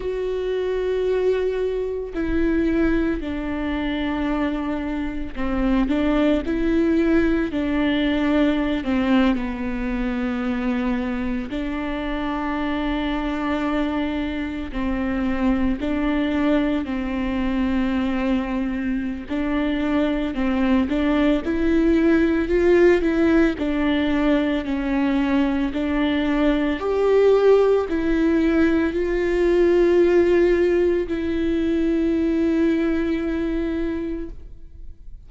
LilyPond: \new Staff \with { instrumentName = "viola" } { \time 4/4 \tempo 4 = 56 fis'2 e'4 d'4~ | d'4 c'8 d'8 e'4 d'4~ | d'16 c'8 b2 d'4~ d'16~ | d'4.~ d'16 c'4 d'4 c'16~ |
c'2 d'4 c'8 d'8 | e'4 f'8 e'8 d'4 cis'4 | d'4 g'4 e'4 f'4~ | f'4 e'2. | }